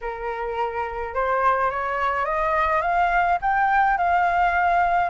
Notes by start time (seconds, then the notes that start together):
0.01 A#4
1.14 C5
1.70 C#5
2.25 D#5
2.81 F5
3.41 G5
3.97 F5